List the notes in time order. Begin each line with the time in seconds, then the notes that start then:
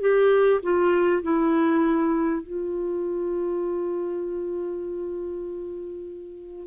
0.00 G4
0.62 F4
1.23 E4
2.43 F4